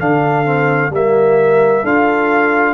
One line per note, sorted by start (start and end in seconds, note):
0.00 0.90 D3
0.00 0.45 D4
0.00 0.93 A4
0.00 0.92 F5
0.45 0.91 C4
0.90 1.82 G3
0.90 1.85 A#3
0.90 1.82 A#4
0.90 1.86 E5
1.82 2.74 D4
1.82 2.74 F4
1.82 2.74 A4
1.82 2.74 F5